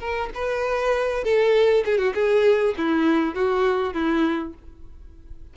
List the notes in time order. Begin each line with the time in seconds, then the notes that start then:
0.00 A#4
0.35 B4
1.24 A4
1.85 G#4
1.98 F#4
2.15 G#4
2.78 E4
3.35 F#4
3.94 E4